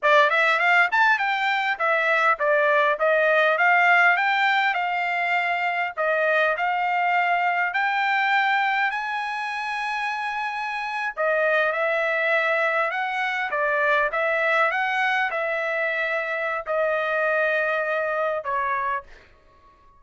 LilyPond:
\new Staff \with { instrumentName = "trumpet" } { \time 4/4 \tempo 4 = 101 d''8 e''8 f''8 a''8 g''4 e''4 | d''4 dis''4 f''4 g''4 | f''2 dis''4 f''4~ | f''4 g''2 gis''4~ |
gis''2~ gis''8. dis''4 e''16~ | e''4.~ e''16 fis''4 d''4 e''16~ | e''8. fis''4 e''2~ e''16 | dis''2. cis''4 | }